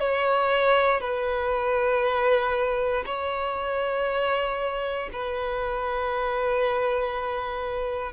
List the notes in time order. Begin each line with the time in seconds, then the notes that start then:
0.00 C#5
1.01 B4
3.06 C#5
5.13 B4